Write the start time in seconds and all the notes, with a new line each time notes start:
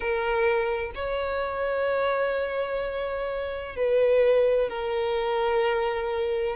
0.00 A#4
0.94 C#5
3.75 B4
4.69 A#4